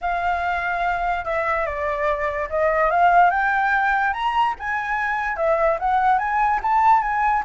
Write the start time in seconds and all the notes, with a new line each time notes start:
0.01 F5
1.25 E5
1.66 D5
2.49 D#5
2.90 F5
3.30 G5
4.13 A#5
4.59 G#5
5.36 E5
5.79 F#5
6.18 G#5
6.62 A5
7.02 G#5